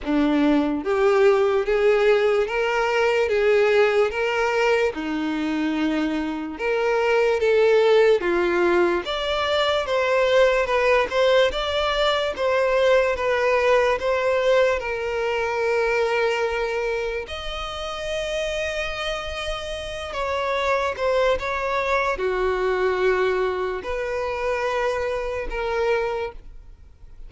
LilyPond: \new Staff \with { instrumentName = "violin" } { \time 4/4 \tempo 4 = 73 d'4 g'4 gis'4 ais'4 | gis'4 ais'4 dis'2 | ais'4 a'4 f'4 d''4 | c''4 b'8 c''8 d''4 c''4 |
b'4 c''4 ais'2~ | ais'4 dis''2.~ | dis''8 cis''4 c''8 cis''4 fis'4~ | fis'4 b'2 ais'4 | }